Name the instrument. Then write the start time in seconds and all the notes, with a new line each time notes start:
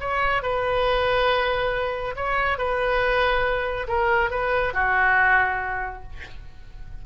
oboe
0.00 C#5
0.43 B4
2.16 C#5
2.58 B4
3.88 A#4
4.31 B4
4.74 F#4